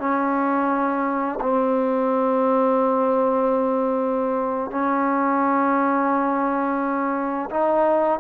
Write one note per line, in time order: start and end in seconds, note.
0.00 1.40 C#4
1.41 4.71 C4
4.71 7.50 C#4
7.51 8.20 D#4